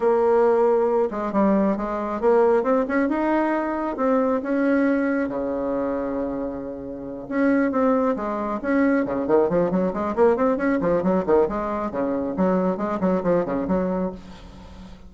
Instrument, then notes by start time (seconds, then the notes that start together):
bassoon
0.00 A#3
1.10 G#3
1.32 G3
1.76 G#3
2.21 A#3
2.63 C4
2.87 C#4
3.08 D#4
3.97 C4
4.42 C#4
5.28 C#3
7.28 C#4
7.71 C4
8.16 G#3
8.61 C#4
9.05 C#3
9.27 D#3
9.49 F3
9.71 F#3
9.93 G#3
10.15 A#3
10.36 C4
10.57 C#4
10.80 F3
11.03 F#3
11.26 D#3
11.48 G#3
11.91 C#3
12.36 F#3
12.77 G#3
13.00 F#3
13.23 F3
13.45 C#3
13.67 F#3